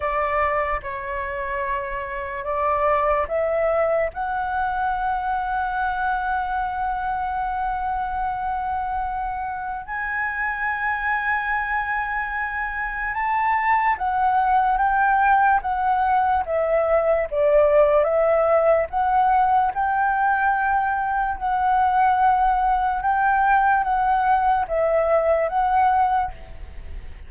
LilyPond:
\new Staff \with { instrumentName = "flute" } { \time 4/4 \tempo 4 = 73 d''4 cis''2 d''4 | e''4 fis''2.~ | fis''1 | gis''1 |
a''4 fis''4 g''4 fis''4 | e''4 d''4 e''4 fis''4 | g''2 fis''2 | g''4 fis''4 e''4 fis''4 | }